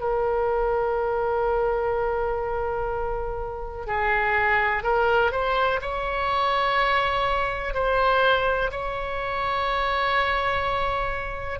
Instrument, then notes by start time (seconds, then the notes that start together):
oboe
0.00 A#4
3.86 G#4
4.83 A#4
5.31 C5
5.81 C#5
7.74 C5
8.71 C#5